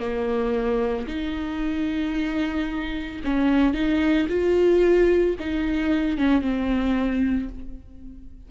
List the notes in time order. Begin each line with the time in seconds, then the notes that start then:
0.00 A#3
1.08 D#4
3.25 C#4
3.75 D#4
4.29 F4
5.40 D#4
6.19 C#4
6.42 C4